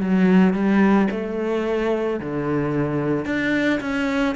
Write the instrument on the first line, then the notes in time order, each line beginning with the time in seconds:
cello
0.00 F#3
0.54 G3
1.11 A3
2.20 D3
3.25 D4
3.80 C#4